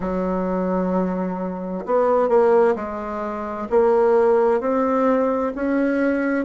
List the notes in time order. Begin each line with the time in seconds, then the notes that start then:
0.00 F#3
1.85 B3
2.28 A#3
2.75 G#3
3.70 A#3
4.60 C4
5.55 C#4